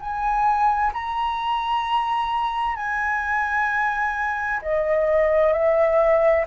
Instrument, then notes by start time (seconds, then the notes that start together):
flute
0.00 G#5
0.93 A#5
2.76 G#5
4.62 D#5
5.53 E5